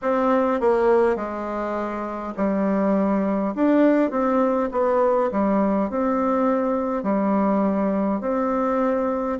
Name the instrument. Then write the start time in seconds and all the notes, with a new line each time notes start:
bassoon
0.02 C4
0.60 A#3
1.16 G#3
2.36 G3
3.55 D4
4.11 C4
4.71 B3
5.32 G3
5.90 C4
7.03 G3
8.21 C4